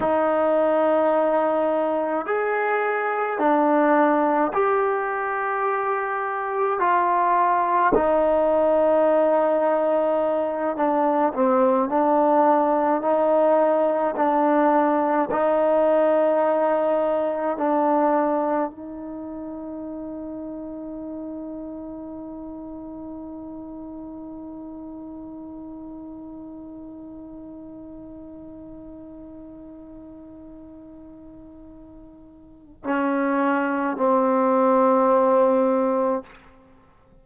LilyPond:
\new Staff \with { instrumentName = "trombone" } { \time 4/4 \tempo 4 = 53 dis'2 gis'4 d'4 | g'2 f'4 dis'4~ | dis'4. d'8 c'8 d'4 dis'8~ | dis'8 d'4 dis'2 d'8~ |
d'8 dis'2.~ dis'8~ | dis'1~ | dis'1~ | dis'4 cis'4 c'2 | }